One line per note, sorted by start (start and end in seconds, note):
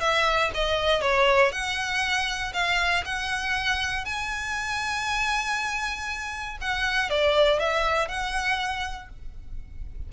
0.00 0.50 E5
0.54 1.01 D#5
1.01 1.52 C#5
1.52 2.53 F#5
2.53 3.04 F5
3.05 4.05 F#5
4.05 6.57 G#5
6.61 7.10 F#5
7.10 7.59 D5
7.59 8.08 E5
8.08 9.09 F#5